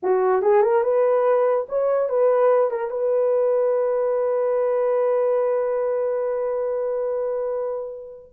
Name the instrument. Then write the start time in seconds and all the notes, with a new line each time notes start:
horn
0.02 F#4
0.41 G#4
0.62 A#4
0.83 B4
1.68 C#5
2.09 B4
2.70 A#4
2.90 B4